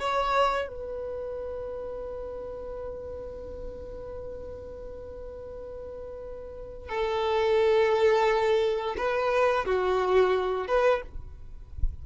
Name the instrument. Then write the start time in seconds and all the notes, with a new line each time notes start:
violin
0.00 C#5
0.69 B4
6.89 A4
8.98 B4
9.66 F#4
10.68 B4